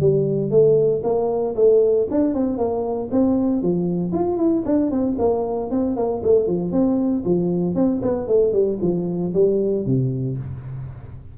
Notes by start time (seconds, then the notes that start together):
0.00 G3
0.50 A3
1.03 A#3
1.55 A3
2.11 D4
2.34 C4
2.58 A#3
3.11 C4
3.62 F3
4.12 F4
4.37 E4
4.65 D4
4.91 C4
5.19 A#3
5.70 C4
5.96 A#3
6.23 A3
6.47 F3
6.72 C4
7.25 F3
7.75 C4
8.02 B3
8.27 A3
8.53 G3
8.81 F3
9.34 G3
9.86 C3